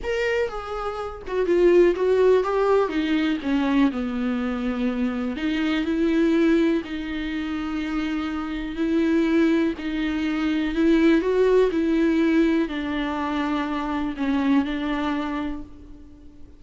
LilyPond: \new Staff \with { instrumentName = "viola" } { \time 4/4 \tempo 4 = 123 ais'4 gis'4. fis'8 f'4 | fis'4 g'4 dis'4 cis'4 | b2. dis'4 | e'2 dis'2~ |
dis'2 e'2 | dis'2 e'4 fis'4 | e'2 d'2~ | d'4 cis'4 d'2 | }